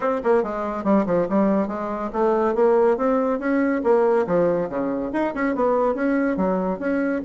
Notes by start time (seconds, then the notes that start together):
0.00 C4
0.23 A#3
0.43 G#3
0.84 G3
1.06 F3
1.29 G3
1.67 G#3
2.12 A3
2.54 A#3
2.97 C4
3.39 C#4
3.83 A#3
4.26 F3
4.69 C#3
5.12 D#4
5.34 C#4
5.55 B3
5.95 C#4
6.36 F#3
6.79 C#4